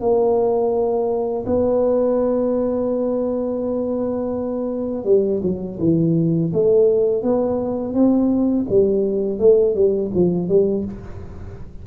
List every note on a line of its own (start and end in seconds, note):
0.00 1.45 A#3
1.46 5.04 B3
5.04 5.40 G3
5.42 5.78 F#3
5.79 6.52 E3
6.53 7.22 A3
7.22 7.93 B3
7.93 8.65 C4
8.69 9.38 G3
9.38 9.75 A3
9.75 10.11 G3
10.14 10.48 F3
10.48 10.84 G3